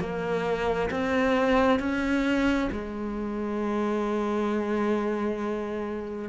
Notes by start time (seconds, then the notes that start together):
0.00 A#3
0.91 C4
1.80 C#4
2.72 G#3